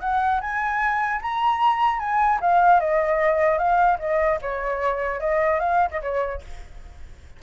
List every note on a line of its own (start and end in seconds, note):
0.00 0.40 F#5
0.41 1.21 G#5
1.21 1.99 A#5
1.99 2.39 G#5
2.40 2.80 F5
2.80 3.58 D#5
3.58 3.98 F5
3.99 4.39 D#5
4.41 5.19 C#5
5.19 5.59 D#5
5.59 5.89 F5
5.90 6.00 D#5
6.01 6.41 C#5